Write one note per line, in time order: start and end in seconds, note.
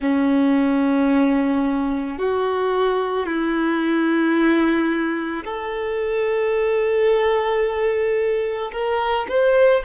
0.00 2.18 C#4
2.18 3.25 F#4
3.25 5.43 E4
5.44 8.71 A4
8.72 9.26 A#4
9.28 9.83 C5